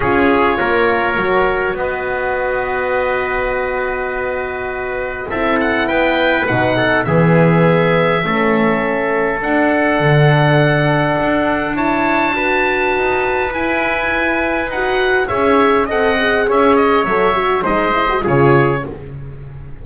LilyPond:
<<
  \new Staff \with { instrumentName = "oboe" } { \time 4/4 \tempo 4 = 102 cis''2. dis''4~ | dis''1~ | dis''4 e''8 fis''8 g''4 fis''4 | e''1 |
fis''1 | a''2. gis''4~ | gis''4 fis''4 e''4 fis''4 | e''8 dis''8 e''4 dis''4 cis''4 | }
  \new Staff \with { instrumentName = "trumpet" } { \time 4/4 gis'4 ais'2 b'4~ | b'1~ | b'4 a'4 b'4. a'8 | gis'2 a'2~ |
a'1 | cis''4 b'2.~ | b'2 cis''4 dis''4 | cis''2 c''4 gis'4 | }
  \new Staff \with { instrumentName = "horn" } { \time 4/4 f'2 fis'2~ | fis'1~ | fis'4 e'2 dis'4 | b2 cis'2 |
d'1 | e'4 fis'2 e'4~ | e'4 fis'4 gis'4 a'8 gis'8~ | gis'4 a'8 fis'8 dis'8 e'16 fis'16 f'4 | }
  \new Staff \with { instrumentName = "double bass" } { \time 4/4 cis'4 ais4 fis4 b4~ | b1~ | b4 c'4 b4 b,4 | e2 a2 |
d'4 d2 d'4~ | d'2 dis'4 e'4~ | e'4 dis'4 cis'4 c'4 | cis'4 fis4 gis4 cis4 | }
>>